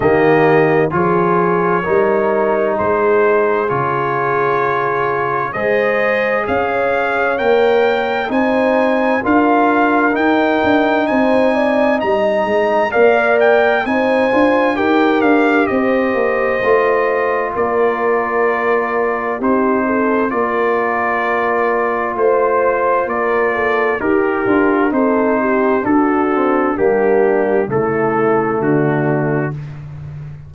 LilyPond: <<
  \new Staff \with { instrumentName = "trumpet" } { \time 4/4 \tempo 4 = 65 dis''4 cis''2 c''4 | cis''2 dis''4 f''4 | g''4 gis''4 f''4 g''4 | gis''4 ais''4 f''8 g''8 gis''4 |
g''8 f''8 dis''2 d''4~ | d''4 c''4 d''2 | c''4 d''4 ais'4 c''4 | a'4 g'4 a'4 fis'4 | }
  \new Staff \with { instrumentName = "horn" } { \time 4/4 g'4 gis'4 ais'4 gis'4~ | gis'2 c''4 cis''4~ | cis''4 c''4 ais'2 | c''8 d''8 dis''4 d''4 c''4 |
ais'4 c''2 ais'4~ | ais'4 g'8 a'8 ais'2 | c''4 ais'8 a'8 g'4 a'8 g'8 | fis'4 d'4 e'4 d'4 | }
  \new Staff \with { instrumentName = "trombone" } { \time 4/4 ais4 f'4 dis'2 | f'2 gis'2 | ais'4 dis'4 f'4 dis'4~ | dis'2 ais'4 dis'8 f'8 |
g'2 f'2~ | f'4 dis'4 f'2~ | f'2 g'8 f'8 dis'4 | d'8 c'8 ais4 a2 | }
  \new Staff \with { instrumentName = "tuba" } { \time 4/4 dis4 f4 g4 gis4 | cis2 gis4 cis'4 | ais4 c'4 d'4 dis'8 d'8 | c'4 g8 gis8 ais4 c'8 d'8 |
dis'8 d'8 c'8 ais8 a4 ais4~ | ais4 c'4 ais2 | a4 ais4 dis'8 d'8 c'4 | d'4 g4 cis4 d4 | }
>>